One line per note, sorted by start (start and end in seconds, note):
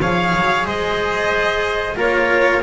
0.00 0.34 F3
0.00 1.96 G#4
0.00 0.65 C#5
0.00 0.66 F5
0.35 0.65 F#3
0.65 1.96 G#3
0.65 1.96 C5
0.65 1.97 D#5
1.96 2.62 A#3
1.96 2.61 F4
1.96 2.62 A#4
1.96 2.62 C#5